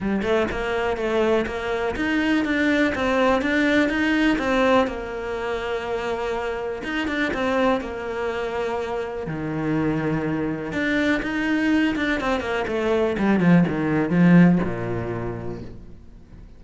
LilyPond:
\new Staff \with { instrumentName = "cello" } { \time 4/4 \tempo 4 = 123 g8 a8 ais4 a4 ais4 | dis'4 d'4 c'4 d'4 | dis'4 c'4 ais2~ | ais2 dis'8 d'8 c'4 |
ais2. dis4~ | dis2 d'4 dis'4~ | dis'8 d'8 c'8 ais8 a4 g8 f8 | dis4 f4 ais,2 | }